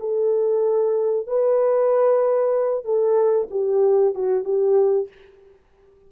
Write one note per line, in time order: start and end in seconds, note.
0.00 1.27 A4
1.27 2.85 B4
2.85 3.49 A4
3.51 4.15 G4
4.15 4.45 F#4
4.45 5.09 G4